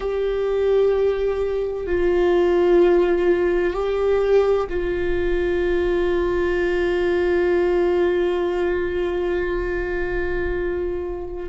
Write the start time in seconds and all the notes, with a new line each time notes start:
0.00 G4
1.86 F4
3.73 G4
4.69 F4